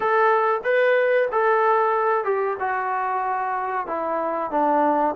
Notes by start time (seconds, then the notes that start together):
0.00 A4
0.63 B4
1.31 A4
2.24 G4
2.59 F#4
3.87 E4
4.50 D4